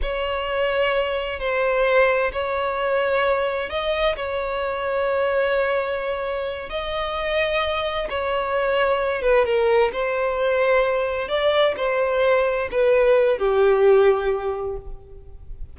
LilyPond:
\new Staff \with { instrumentName = "violin" } { \time 4/4 \tempo 4 = 130 cis''2. c''4~ | c''4 cis''2. | dis''4 cis''2.~ | cis''2~ cis''8 dis''4.~ |
dis''4. cis''2~ cis''8 | b'8 ais'4 c''2~ c''8~ | c''8 d''4 c''2 b'8~ | b'4 g'2. | }